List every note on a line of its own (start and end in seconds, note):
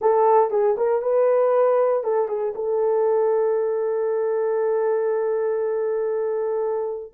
0.01 0.50 A4
0.50 0.75 G#4
0.77 1.02 A#4
1.02 2.03 B4
2.03 2.28 A4
2.28 2.53 G#4
2.55 7.13 A4